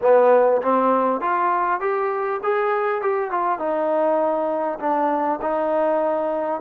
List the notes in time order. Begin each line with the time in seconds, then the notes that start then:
0.01 B3
0.62 C4
1.21 F4
1.80 G4
2.43 G#4
3.01 G4
3.30 F4
3.58 D#4
4.79 D4
5.41 D#4